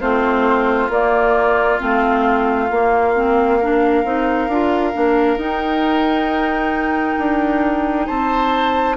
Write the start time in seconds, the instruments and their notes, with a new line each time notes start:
0.00 bassoon A3, clarinet C4, oboe F4, flute C5
0.88 bassoon A#3, clarinet A#3, flute D5
1.79 bassoon A3, clarinet C4, flute F5
2.70 bassoon A#3, clarinet A#3
3.15 clarinet C4
3.60 clarinet D4, oboe A#4
4.04 bassoon C4, clarinet D#4
4.48 bassoon D4, clarinet F4
4.93 bassoon A#3, clarinet D4
5.36 bassoon D#4, clarinet D#4, flute G5
7.18 bassoon D4
8.06 bassoon C4, oboe C5, flute A5